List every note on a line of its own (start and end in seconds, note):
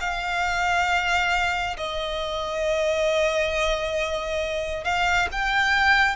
0.00 1.76 F5
1.76 4.84 D#5
4.84 5.28 F5
5.31 6.15 G5